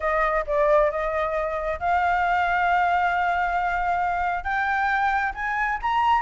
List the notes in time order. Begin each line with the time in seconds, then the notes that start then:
0.00 D#5
0.46 D5
0.90 D#5
1.79 F5
4.43 G5
5.34 G#5
5.81 A#5